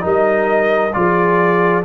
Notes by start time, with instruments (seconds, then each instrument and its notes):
0.00 tuba G3, trombone D#4, horn A#4
0.07 trumpet D#5
0.93 tuba F3, trombone F4, horn G#4, trumpet D5